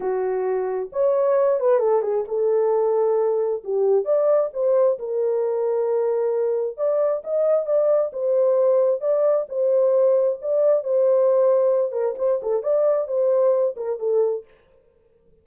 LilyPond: \new Staff \with { instrumentName = "horn" } { \time 4/4 \tempo 4 = 133 fis'2 cis''4. b'8 | a'8 gis'8 a'2. | g'4 d''4 c''4 ais'4~ | ais'2. d''4 |
dis''4 d''4 c''2 | d''4 c''2 d''4 | c''2~ c''8 ais'8 c''8 a'8 | d''4 c''4. ais'8 a'4 | }